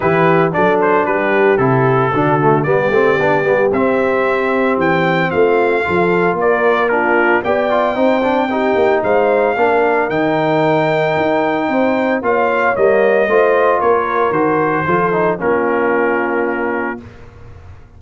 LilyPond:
<<
  \new Staff \with { instrumentName = "trumpet" } { \time 4/4 \tempo 4 = 113 b'4 d''8 c''8 b'4 a'4~ | a'4 d''2 e''4~ | e''4 g''4 f''2 | d''4 ais'4 g''2~ |
g''4 f''2 g''4~ | g''2. f''4 | dis''2 cis''4 c''4~ | c''4 ais'2. | }
  \new Staff \with { instrumentName = "horn" } { \time 4/4 g'4 a'4 g'2 | fis'4 g'2.~ | g'2 f'4 a'4 | ais'4 f'4 d''4 c''4 |
g'4 c''4 ais'2~ | ais'2 c''4 cis''4~ | cis''4 c''4 ais'2 | a'4 f'2. | }
  \new Staff \with { instrumentName = "trombone" } { \time 4/4 e'4 d'2 e'4 | d'8 a8 b8 c'8 d'8 b8 c'4~ | c'2. f'4~ | f'4 d'4 g'8 f'8 dis'8 d'8 |
dis'2 d'4 dis'4~ | dis'2. f'4 | ais4 f'2 fis'4 | f'8 dis'8 cis'2. | }
  \new Staff \with { instrumentName = "tuba" } { \time 4/4 e4 fis4 g4 c4 | d4 g8 a8 b8 g8 c'4~ | c'4 e4 a4 f4 | ais2 b4 c'4~ |
c'8 ais8 gis4 ais4 dis4~ | dis4 dis'4 c'4 ais4 | g4 a4 ais4 dis4 | f4 ais2. | }
>>